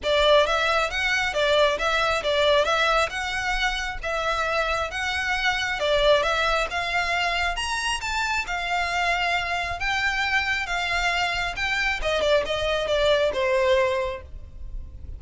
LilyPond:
\new Staff \with { instrumentName = "violin" } { \time 4/4 \tempo 4 = 135 d''4 e''4 fis''4 d''4 | e''4 d''4 e''4 fis''4~ | fis''4 e''2 fis''4~ | fis''4 d''4 e''4 f''4~ |
f''4 ais''4 a''4 f''4~ | f''2 g''2 | f''2 g''4 dis''8 d''8 | dis''4 d''4 c''2 | }